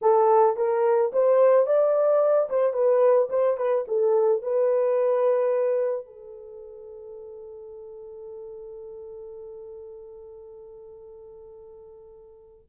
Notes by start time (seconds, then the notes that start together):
0.01 A4
0.56 A#4
1.12 C5
1.66 D5
2.49 C5
2.73 B4
3.29 C5
3.57 B4
3.87 A4
4.42 B4
6.05 A4